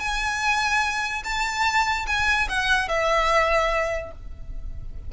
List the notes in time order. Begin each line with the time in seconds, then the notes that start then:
0.00 G#5
1.24 A5
2.07 G#5
2.49 F#5
2.89 E5